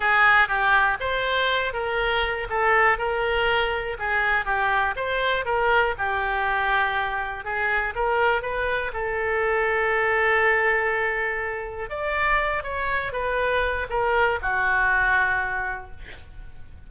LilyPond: \new Staff \with { instrumentName = "oboe" } { \time 4/4 \tempo 4 = 121 gis'4 g'4 c''4. ais'8~ | ais'4 a'4 ais'2 | gis'4 g'4 c''4 ais'4 | g'2. gis'4 |
ais'4 b'4 a'2~ | a'1 | d''4. cis''4 b'4. | ais'4 fis'2. | }